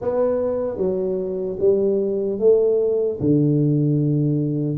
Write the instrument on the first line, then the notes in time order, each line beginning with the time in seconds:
tuba
0.01 B3
0.77 F#3
1.59 G3
2.39 A3
3.20 D3